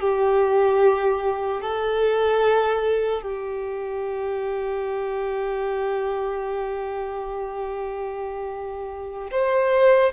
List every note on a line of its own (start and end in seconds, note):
0.00 1.61 G4
1.61 3.22 A4
3.22 9.30 G4
9.31 10.12 C5